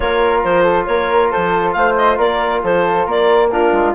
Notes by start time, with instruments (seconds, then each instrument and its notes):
0.00 bassoon A#3, trombone F4, flute A#4, clarinet C#5
0.44 bassoon F3, clarinet C5
0.62 flute A4
0.86 bassoon A#3, flute A#4, clarinet C#5
1.31 bassoon F3, flute A4, clarinet C5
1.72 bassoon A3, flute C5, clarinet F5
1.97 clarinet D#5
2.17 bassoon A#3, flute A#4, clarinet D5
2.63 bassoon F3, flute A4, clarinet C5
3.06 bassoon A#3, flute A#4, clarinet D5
3.50 trombone D4, flute F4, clarinet A#4
3.71 bassoon G#3